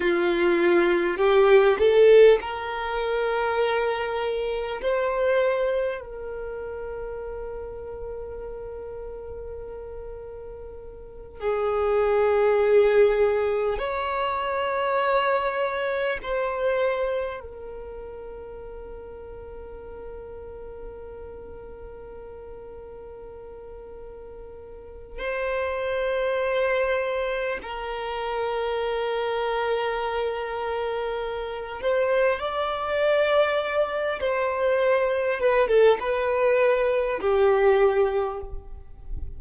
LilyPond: \new Staff \with { instrumentName = "violin" } { \time 4/4 \tempo 4 = 50 f'4 g'8 a'8 ais'2 | c''4 ais'2.~ | ais'4. gis'2 cis''8~ | cis''4. c''4 ais'4.~ |
ais'1~ | ais'4 c''2 ais'4~ | ais'2~ ais'8 c''8 d''4~ | d''8 c''4 b'16 a'16 b'4 g'4 | }